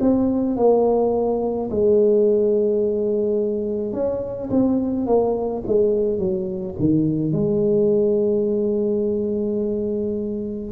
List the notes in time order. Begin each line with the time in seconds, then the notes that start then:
0.00 C4
0.56 A#3
1.70 G#3
3.93 C#4
4.50 C4
5.06 A#3
5.67 G#3
6.18 F#3
6.79 D#3
7.32 G#3